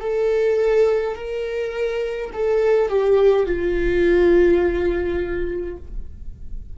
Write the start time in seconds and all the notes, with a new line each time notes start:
0.00 A4
1.15 A#4
2.33 A4
2.89 G4
3.46 F4